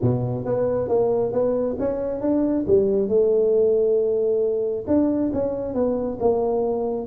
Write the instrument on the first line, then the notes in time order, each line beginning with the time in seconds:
tuba
0.01 B2
0.45 B3
0.88 A#3
1.32 B3
1.79 C#4
2.21 D4
2.67 G3
3.08 A3
4.87 D4
5.33 C#4
5.74 B3
6.19 A#3